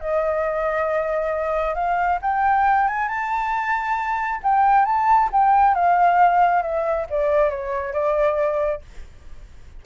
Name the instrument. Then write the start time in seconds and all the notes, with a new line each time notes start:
flute
0.00 D#5
1.74 F5
2.21 G5
2.87 G#5
3.08 A5
4.43 G5
4.85 A5
5.32 G5
5.74 F5
6.62 E5
7.09 D5
7.49 C#5
7.93 D5